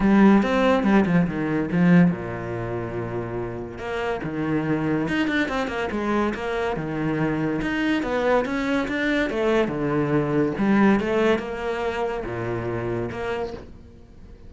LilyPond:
\new Staff \with { instrumentName = "cello" } { \time 4/4 \tempo 4 = 142 g4 c'4 g8 f8 dis4 | f4 ais,2.~ | ais,4 ais4 dis2 | dis'8 d'8 c'8 ais8 gis4 ais4 |
dis2 dis'4 b4 | cis'4 d'4 a4 d4~ | d4 g4 a4 ais4~ | ais4 ais,2 ais4 | }